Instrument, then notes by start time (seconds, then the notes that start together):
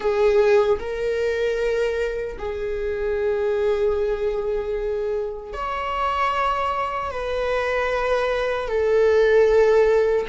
viola
0.00 G#4
0.79 A#4
2.38 G#4
5.53 C#5
7.11 B4
8.68 A4